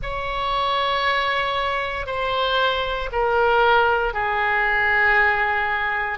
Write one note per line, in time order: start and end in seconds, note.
0.02 2.06 C#5
2.06 3.09 C5
3.12 4.13 A#4
4.13 6.18 G#4